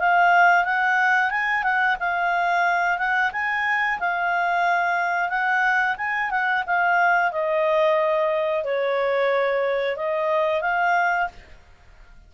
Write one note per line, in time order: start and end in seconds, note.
0.00 0.65 F5
0.65 1.30 F#5
1.30 1.63 G#5
1.63 1.97 F#5
2.00 2.98 F5
2.98 3.31 F#5
3.33 3.99 G#5
4.00 5.29 F5
5.29 5.96 F#5
5.97 6.30 G#5
6.30 6.64 F#5
6.67 7.32 F5
7.32 8.64 D#5
8.64 9.96 C#5
9.96 10.61 D#5
10.61 11.28 F5